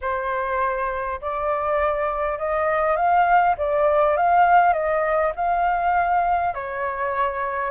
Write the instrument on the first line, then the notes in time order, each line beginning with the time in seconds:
flute
0.01 C5
1.21 D5
2.38 D#5
2.96 F5
3.57 D5
4.16 F5
4.73 D#5
5.35 F5
6.54 C#5